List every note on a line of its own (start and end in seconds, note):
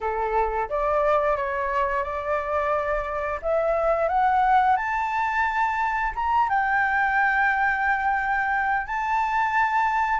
0.00 0.68 A4
0.68 1.36 D5
1.36 2.03 C#5
2.03 3.39 D5
3.42 4.08 E5
4.08 4.76 F#5
4.76 6.12 A5
6.15 6.49 A#5
6.49 8.86 G5
8.86 10.20 A5